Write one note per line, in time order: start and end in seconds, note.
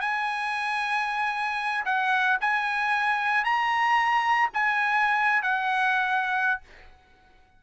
0.00 1.84 G#5
1.85 2.38 F#5
2.40 3.44 G#5
3.44 4.49 A#5
4.53 5.42 G#5
5.42 6.61 F#5